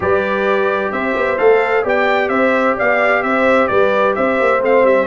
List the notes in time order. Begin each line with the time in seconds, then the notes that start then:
0.00 G3 G4 B4 D5
0.91 C4 C5 E5
1.15 B3
1.37 A3 A4 F5
1.83 B3 G4 D5 G5
2.28 C4 C5 E5
2.76 B3 D5 F5
3.22 C4 C5 E5
3.67 G3 B4 D5
4.15 C4 C5 E5
4.40 A#3
4.61 A3 C4 F5
4.83 G3 E5